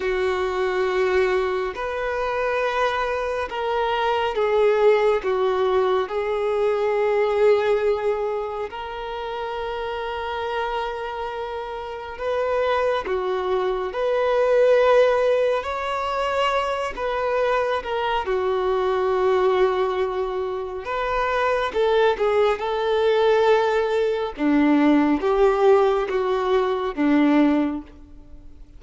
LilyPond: \new Staff \with { instrumentName = "violin" } { \time 4/4 \tempo 4 = 69 fis'2 b'2 | ais'4 gis'4 fis'4 gis'4~ | gis'2 ais'2~ | ais'2 b'4 fis'4 |
b'2 cis''4. b'8~ | b'8 ais'8 fis'2. | b'4 a'8 gis'8 a'2 | d'4 g'4 fis'4 d'4 | }